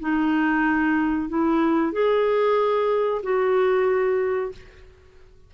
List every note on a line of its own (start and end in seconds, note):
0.00 1.29 D#4
1.29 1.93 E4
1.93 3.22 G#4
3.23 4.52 F#4